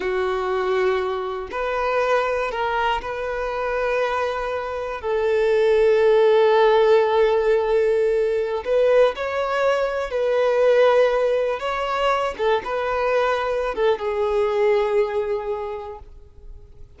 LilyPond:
\new Staff \with { instrumentName = "violin" } { \time 4/4 \tempo 4 = 120 fis'2. b'4~ | b'4 ais'4 b'2~ | b'2 a'2~ | a'1~ |
a'4~ a'16 b'4 cis''4.~ cis''16~ | cis''16 b'2. cis''8.~ | cis''8. a'8 b'2~ b'16 a'8 | gis'1 | }